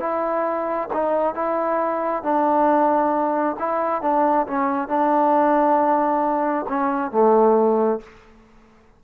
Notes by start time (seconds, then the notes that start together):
0.00 E4
0.94 D#4
1.35 E4
2.23 D4
3.59 E4
4.02 D4
4.47 C#4
4.88 D4
6.69 C#4
7.12 A3